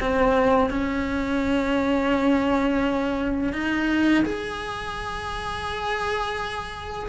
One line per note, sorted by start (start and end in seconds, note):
0.00 0.70 C4
0.70 3.53 C#4
3.53 4.24 D#4
4.25 7.09 G#4